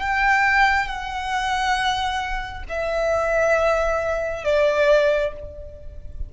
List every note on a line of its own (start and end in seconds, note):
0.00 0.87 G5
0.87 2.64 F#5
2.69 4.44 E5
4.44 5.33 D5